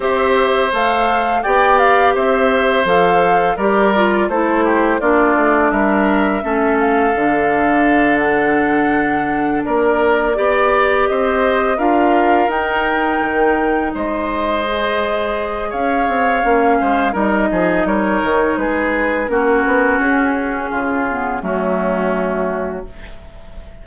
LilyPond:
<<
  \new Staff \with { instrumentName = "flute" } { \time 4/4 \tempo 4 = 84 e''4 f''4 g''8 f''8 e''4 | f''4 d''4 c''4 d''4 | e''4. f''2 fis''8~ | fis''4. d''2 dis''8~ |
dis''8 f''4 g''2 dis''8~ | dis''2 f''2 | dis''4 cis''4 b'4 ais'4 | gis'2 fis'2 | }
  \new Staff \with { instrumentName = "oboe" } { \time 4/4 c''2 d''4 c''4~ | c''4 ais'4 a'8 g'8 f'4 | ais'4 a'2.~ | a'4. ais'4 d''4 c''8~ |
c''8 ais'2. c''8~ | c''2 cis''4. c''8 | ais'8 gis'8 ais'4 gis'4 fis'4~ | fis'4 f'4 cis'2 | }
  \new Staff \with { instrumentName = "clarinet" } { \time 4/4 g'4 a'4 g'2 | a'4 g'8 f'8 e'4 d'4~ | d'4 cis'4 d'2~ | d'2~ d'8 g'4.~ |
g'8 f'4 dis'2~ dis'8~ | dis'8 gis'2~ gis'8 cis'4 | dis'2. cis'4~ | cis'4. b8 a2 | }
  \new Staff \with { instrumentName = "bassoon" } { \time 4/4 c'4 a4 b4 c'4 | f4 g4 a4 ais8 a8 | g4 a4 d2~ | d4. ais4 b4 c'8~ |
c'8 d'4 dis'4 dis4 gis8~ | gis2 cis'8 c'8 ais8 gis8 | g8 f8 g8 dis8 gis4 ais8 b8 | cis'4 cis4 fis2 | }
>>